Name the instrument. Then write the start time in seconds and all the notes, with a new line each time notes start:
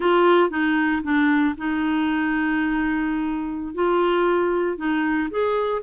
clarinet
0.00 F4
0.50 D#4
1.03 D4
1.57 D#4
3.74 F4
4.77 D#4
5.30 G#4